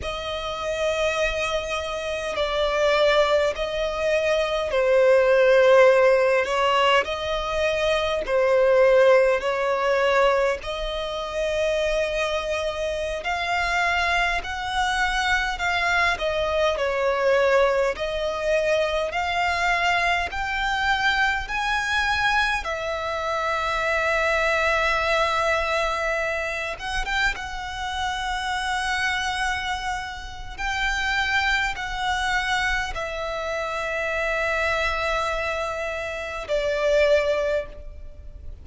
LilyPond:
\new Staff \with { instrumentName = "violin" } { \time 4/4 \tempo 4 = 51 dis''2 d''4 dis''4 | c''4. cis''8 dis''4 c''4 | cis''4 dis''2~ dis''16 f''8.~ | f''16 fis''4 f''8 dis''8 cis''4 dis''8.~ |
dis''16 f''4 g''4 gis''4 e''8.~ | e''2~ e''8. fis''16 g''16 fis''8.~ | fis''2 g''4 fis''4 | e''2. d''4 | }